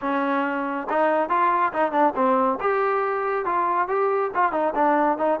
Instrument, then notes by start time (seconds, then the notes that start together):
trombone
0.01 C#4
0.89 D#4
1.29 F4
1.72 D#4
1.91 D4
2.15 C4
2.60 G4
3.45 F4
3.88 G4
4.34 F4
4.52 D#4
4.74 D4
5.17 D#4